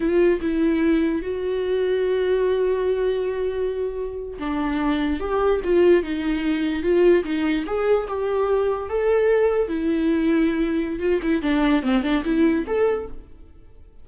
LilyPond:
\new Staff \with { instrumentName = "viola" } { \time 4/4 \tempo 4 = 147 f'4 e'2 fis'4~ | fis'1~ | fis'2~ fis'8. d'4~ d'16~ | d'8. g'4 f'4 dis'4~ dis'16~ |
dis'8. f'4 dis'4 gis'4 g'16~ | g'4.~ g'16 a'2 e'16~ | e'2. f'8 e'8 | d'4 c'8 d'8 e'4 a'4 | }